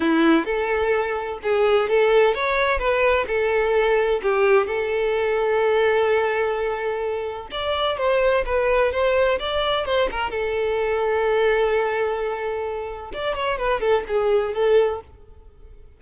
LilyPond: \new Staff \with { instrumentName = "violin" } { \time 4/4 \tempo 4 = 128 e'4 a'2 gis'4 | a'4 cis''4 b'4 a'4~ | a'4 g'4 a'2~ | a'1 |
d''4 c''4 b'4 c''4 | d''4 c''8 ais'8 a'2~ | a'1 | d''8 cis''8 b'8 a'8 gis'4 a'4 | }